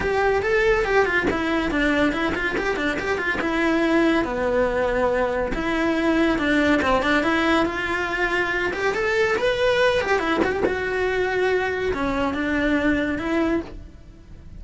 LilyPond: \new Staff \with { instrumentName = "cello" } { \time 4/4 \tempo 4 = 141 g'4 a'4 g'8 f'8 e'4 | d'4 e'8 f'8 g'8 d'8 g'8 f'8 | e'2 b2~ | b4 e'2 d'4 |
c'8 d'8 e'4 f'2~ | f'8 g'8 a'4 b'4. g'8 | e'8 fis'16 g'16 fis'2. | cis'4 d'2 e'4 | }